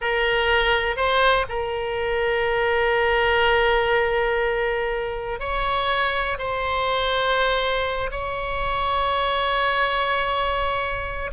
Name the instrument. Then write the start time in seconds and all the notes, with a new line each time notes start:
oboe
0.01 A#4
0.96 C5
1.48 A#4
5.39 C#5
6.38 C5
8.11 C#5